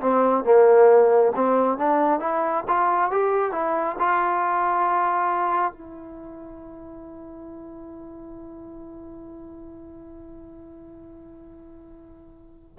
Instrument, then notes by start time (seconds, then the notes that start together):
trombone
0.00 C4
0.44 A#3
1.35 C4
1.77 D4
2.20 E4
2.68 F4
3.10 G4
3.52 E4
3.99 F4
5.72 E4